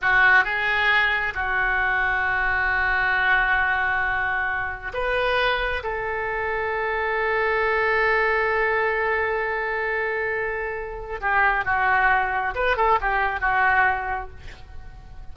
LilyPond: \new Staff \with { instrumentName = "oboe" } { \time 4/4 \tempo 4 = 134 fis'4 gis'2 fis'4~ | fis'1~ | fis'2. b'4~ | b'4 a'2.~ |
a'1~ | a'1~ | a'4 g'4 fis'2 | b'8 a'8 g'4 fis'2 | }